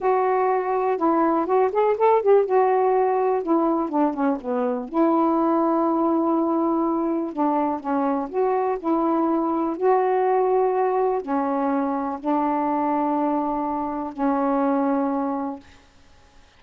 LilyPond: \new Staff \with { instrumentName = "saxophone" } { \time 4/4 \tempo 4 = 123 fis'2 e'4 fis'8 gis'8 | a'8 g'8 fis'2 e'4 | d'8 cis'8 b4 e'2~ | e'2. d'4 |
cis'4 fis'4 e'2 | fis'2. cis'4~ | cis'4 d'2.~ | d'4 cis'2. | }